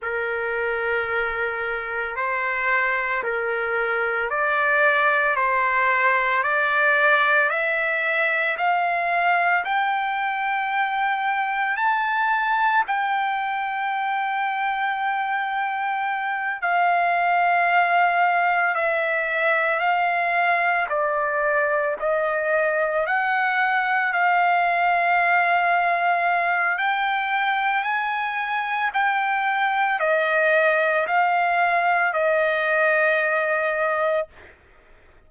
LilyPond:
\new Staff \with { instrumentName = "trumpet" } { \time 4/4 \tempo 4 = 56 ais'2 c''4 ais'4 | d''4 c''4 d''4 e''4 | f''4 g''2 a''4 | g''2.~ g''8 f''8~ |
f''4. e''4 f''4 d''8~ | d''8 dis''4 fis''4 f''4.~ | f''4 g''4 gis''4 g''4 | dis''4 f''4 dis''2 | }